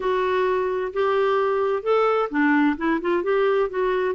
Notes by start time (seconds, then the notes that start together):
0.00 F#4
0.93 G4
1.83 A4
2.30 D4
2.77 E4
3.01 F4
3.23 G4
3.69 F#4